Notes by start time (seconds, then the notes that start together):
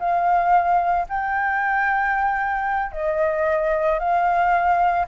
0.00 F5
1.09 G5
2.92 D#5
4.00 F5